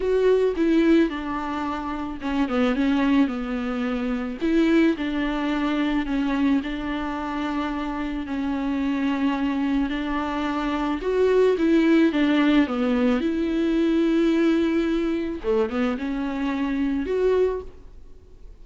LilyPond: \new Staff \with { instrumentName = "viola" } { \time 4/4 \tempo 4 = 109 fis'4 e'4 d'2 | cis'8 b8 cis'4 b2 | e'4 d'2 cis'4 | d'2. cis'4~ |
cis'2 d'2 | fis'4 e'4 d'4 b4 | e'1 | a8 b8 cis'2 fis'4 | }